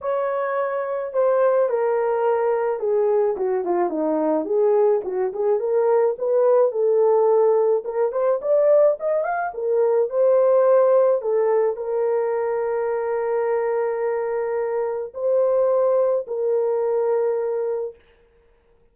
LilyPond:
\new Staff \with { instrumentName = "horn" } { \time 4/4 \tempo 4 = 107 cis''2 c''4 ais'4~ | ais'4 gis'4 fis'8 f'8 dis'4 | gis'4 fis'8 gis'8 ais'4 b'4 | a'2 ais'8 c''8 d''4 |
dis''8 f''8 ais'4 c''2 | a'4 ais'2.~ | ais'2. c''4~ | c''4 ais'2. | }